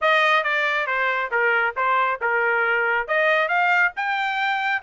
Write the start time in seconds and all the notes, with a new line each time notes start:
0.01 D#5
0.43 D5
0.86 C5
1.31 A#4
1.76 C5
2.21 A#4
3.07 D#5
3.48 F5
3.96 G5